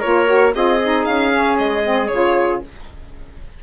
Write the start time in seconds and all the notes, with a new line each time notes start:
0.00 A#3 F4 A#4 C#5
0.26 F#4
0.53 C4 F4 G#4 D#5
0.83 D#4
1.05 C#4 F5
1.31 C#4
1.59 G#3 D#5
1.84 C4
2.08 C#3 F4 C#5